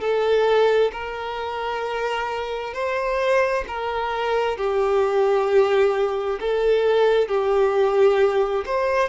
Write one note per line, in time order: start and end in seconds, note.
0.00 0.91 A4
0.93 2.74 A#4
2.74 3.64 C5
3.67 4.57 A#4
4.57 6.39 G4
6.40 7.28 A4
7.28 8.64 G4
8.65 9.09 C5